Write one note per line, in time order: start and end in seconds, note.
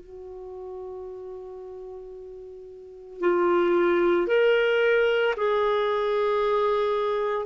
0.00 3.21 F#4
3.21 4.28 F4
4.28 5.35 A#4
5.37 7.47 G#4